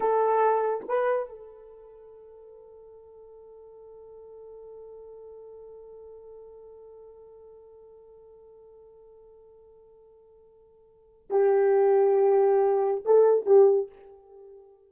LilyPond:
\new Staff \with { instrumentName = "horn" } { \time 4/4 \tempo 4 = 138 a'2 b'4 a'4~ | a'1~ | a'1~ | a'1~ |
a'1~ | a'1~ | a'2 g'2~ | g'2 a'4 g'4 | }